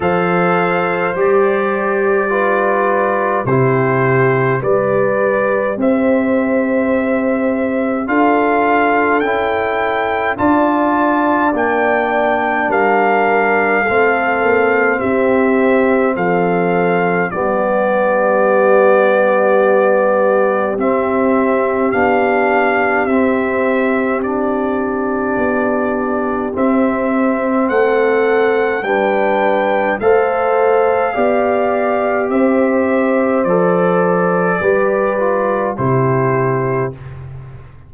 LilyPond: <<
  \new Staff \with { instrumentName = "trumpet" } { \time 4/4 \tempo 4 = 52 f''4 d''2 c''4 | d''4 e''2 f''4 | g''4 a''4 g''4 f''4~ | f''4 e''4 f''4 d''4~ |
d''2 e''4 f''4 | e''4 d''2 e''4 | fis''4 g''4 f''2 | e''4 d''2 c''4 | }
  \new Staff \with { instrumentName = "horn" } { \time 4/4 c''2 b'4 g'4 | b'4 c''2 a'4~ | a'4 d''2 ais'4 | a'4 g'4 a'4 g'4~ |
g'1~ | g'1 | a'4 b'4 c''4 d''4 | c''2 b'4 g'4 | }
  \new Staff \with { instrumentName = "trombone" } { \time 4/4 a'4 g'4 f'4 e'4 | g'2. f'4 | e'4 f'4 d'2 | c'2. b4~ |
b2 c'4 d'4 | c'4 d'2 c'4~ | c'4 d'4 a'4 g'4~ | g'4 a'4 g'8 f'8 e'4 | }
  \new Staff \with { instrumentName = "tuba" } { \time 4/4 f4 g2 c4 | g4 c'2 d'4 | cis'4 d'4 ais4 g4 | a8 ais8 c'4 f4 g4~ |
g2 c'4 b4 | c'2 b4 c'4 | a4 g4 a4 b4 | c'4 f4 g4 c4 | }
>>